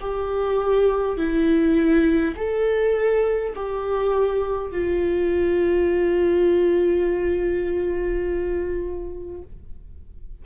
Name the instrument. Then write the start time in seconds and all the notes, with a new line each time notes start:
viola
0.00 G4
1.17 E4
2.36 A4
3.55 G4
4.71 F4